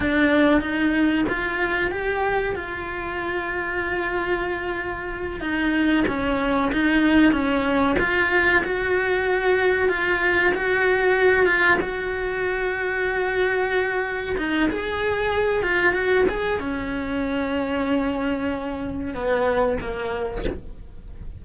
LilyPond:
\new Staff \with { instrumentName = "cello" } { \time 4/4 \tempo 4 = 94 d'4 dis'4 f'4 g'4 | f'1~ | f'8 dis'4 cis'4 dis'4 cis'8~ | cis'8 f'4 fis'2 f'8~ |
f'8 fis'4. f'8 fis'4.~ | fis'2~ fis'8 dis'8 gis'4~ | gis'8 f'8 fis'8 gis'8 cis'2~ | cis'2 b4 ais4 | }